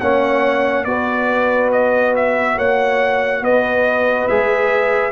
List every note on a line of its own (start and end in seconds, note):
0.00 0.85 A#3
0.00 0.86 C#4
0.00 0.86 C#5
0.00 0.84 F#5
0.84 2.56 B3
0.84 4.29 F#4
0.84 2.56 B4
0.84 1.70 D5
1.72 2.15 D#5
2.16 2.58 E5
2.56 3.41 A#3
2.56 3.42 C#5
2.56 3.44 F#5
3.41 4.27 B3
3.41 5.11 B4
3.41 4.27 D#5
4.27 5.11 G#3
4.27 5.11 G#4
4.27 5.11 E5